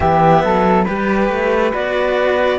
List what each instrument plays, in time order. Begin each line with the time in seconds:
0.00 cello E3 B3, flute G4, clarinet E5
0.44 cello F#3, flute A4
0.84 cello G3 G4, flute B4, clarinet B4
1.29 cello A3
1.72 cello B3 F#4, clarinet D5